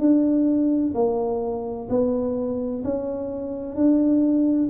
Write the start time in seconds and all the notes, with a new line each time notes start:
0.00 D4
0.95 A#3
1.90 B3
2.84 C#4
3.76 D4